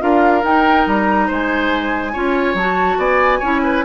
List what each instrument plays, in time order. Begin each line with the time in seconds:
0.00 bassoon D4, clarinet F4, oboe A#4, flute F5
0.44 bassoon D#4, clarinet D#4, flute G5
0.87 bassoon G3, flute A#5
1.27 bassoon G#3, oboe C5, flute G#5
2.14 bassoon C#4, clarinet F4, oboe C#5
2.55 bassoon F#3, clarinet F#4, flute A5
2.98 bassoon B3, oboe D5, flute G#5
3.40 bassoon C#4, clarinet E4, oboe C#5
3.64 oboe B4